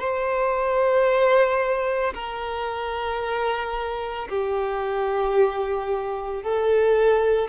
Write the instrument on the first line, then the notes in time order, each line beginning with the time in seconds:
violin
0.00 C5
2.15 A#4
4.29 G4
6.43 A4